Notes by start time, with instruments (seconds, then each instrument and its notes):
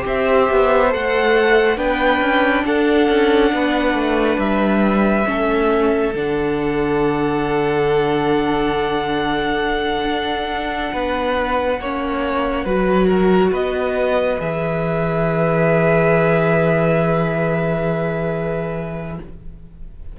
0.00 cello C4, viola G4, violin C5
0.07 violin E5
0.50 cello B3
0.90 cello A3, viola A4, violin F#5
1.76 cello B3, viola D4, violin B4 G5
2.20 cello C#4
2.65 cello D4, violin A4 F#5
3.08 cello C#4
3.52 cello B3, violin B4
3.93 cello A3
4.37 cello G3, violin E5
5.24 cello A3, viola C#4, violin A4
6.14 cello D3, viola D4, violin F#5
10.03 cello D4
10.93 cello B3, violin B4
11.79 cello A#3, viola C#4, violin C#5
12.64 cello F#3, viola F#4, violin B4
13.07 violin A#4
13.51 cello B3, violin B4 D#5
14.38 cello E3, viola G#4, violin E5